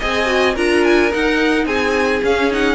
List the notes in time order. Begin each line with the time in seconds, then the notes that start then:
0.00 C4 G#4 D#5 G#5
0.26 F#4
0.55 D4 F4 A#4 A#5
0.84 G#5
1.11 D#4 F#5
1.66 C4 G#4 G#5
2.24 C#4 F5
2.51 D#4 F#5